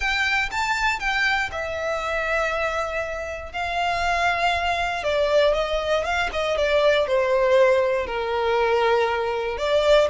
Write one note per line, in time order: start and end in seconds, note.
0.00 0.49 G5
0.51 0.99 A5
0.99 1.50 G5
1.51 3.52 E5
3.52 5.03 F5
5.03 5.53 D5
5.54 6.04 D#5
6.04 6.29 F5
6.32 6.57 D#5
6.57 7.07 D5
7.07 8.06 C5
8.06 9.57 A#4
9.57 10.07 D5